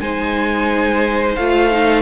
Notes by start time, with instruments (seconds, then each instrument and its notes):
0.00 cello G#3, viola D#4, violin C5 G#5
1.35 cello A3, viola F4, violin F5
1.71 viola D#4